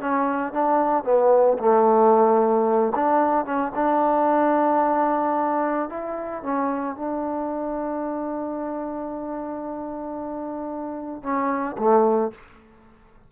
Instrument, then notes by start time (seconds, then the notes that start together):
trombone
0.00 C#4
0.53 D4
1.04 B3
1.59 A3
2.95 D4
3.45 C#4
3.75 D4
5.89 E4
6.43 C#4
6.96 D4
11.23 C#4
11.78 A3